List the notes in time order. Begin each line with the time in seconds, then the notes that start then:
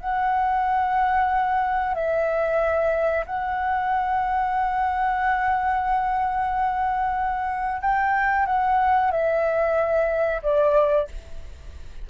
0.00 F#5
1.94 E5
3.26 F#5
7.81 G5
8.46 F#5
9.11 E5
10.42 D5